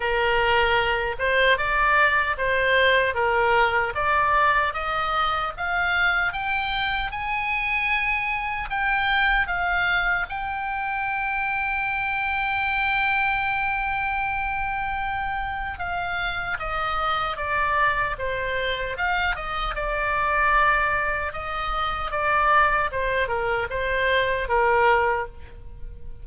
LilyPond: \new Staff \with { instrumentName = "oboe" } { \time 4/4 \tempo 4 = 76 ais'4. c''8 d''4 c''4 | ais'4 d''4 dis''4 f''4 | g''4 gis''2 g''4 | f''4 g''2.~ |
g''1 | f''4 dis''4 d''4 c''4 | f''8 dis''8 d''2 dis''4 | d''4 c''8 ais'8 c''4 ais'4 | }